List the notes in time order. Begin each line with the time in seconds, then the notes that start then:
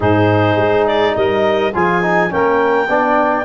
0.00 G#2 D#4 G#4 C5
0.56 G#3
0.87 D5
1.15 G3 A#4 D#5
1.72 F3 F4 G#4 G#5
2.02 D#4
2.30 A#3 C#4 A#4 G5
2.88 B3 D4 D5